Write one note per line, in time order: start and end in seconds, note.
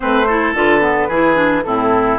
0.00 0.54 A3
0.00 0.26 C4
0.00 0.27 B4
0.00 0.54 C5
0.27 0.55 E4
0.27 1.08 A4
0.54 1.08 D3
0.54 0.81 F4
0.54 1.63 B4
0.81 1.08 B3
1.08 1.63 E3
1.08 1.35 E4
1.08 1.63 G#4
1.35 1.62 D4
1.63 2.19 A2
1.63 2.19 C4
1.63 2.19 E4
1.63 2.18 A4